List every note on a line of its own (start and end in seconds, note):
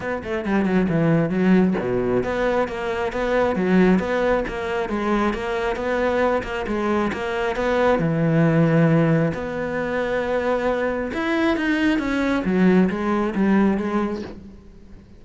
0.00 0.22 B3
0.23 0.45 A3
0.45 0.65 G3
0.65 0.87 F#3
0.89 1.29 E3
1.29 1.74 F#3
1.79 2.23 B2
2.23 2.68 B3
2.68 3.12 A#3
3.12 3.55 B3
3.55 3.99 F#3
3.99 4.43 B3
4.48 4.89 A#3
4.89 5.33 G#3
5.33 5.76 A#3
5.76 6.42 B3
6.43 6.65 A#3
6.67 7.11 G#3
7.12 7.56 A#3
7.56 7.99 B3
7.99 9.32 E3
9.34 11.11 B3
11.13 11.56 E4
11.56 11.98 D#4
11.98 12.43 C#4
12.44 12.89 F#3
12.89 13.34 G#3
13.35 13.77 G3
13.77 14.22 G#3